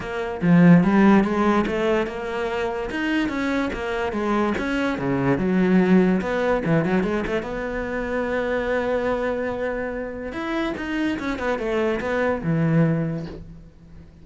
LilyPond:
\new Staff \with { instrumentName = "cello" } { \time 4/4 \tempo 4 = 145 ais4 f4 g4 gis4 | a4 ais2 dis'4 | cis'4 ais4 gis4 cis'4 | cis4 fis2 b4 |
e8 fis8 gis8 a8 b2~ | b1~ | b4 e'4 dis'4 cis'8 b8 | a4 b4 e2 | }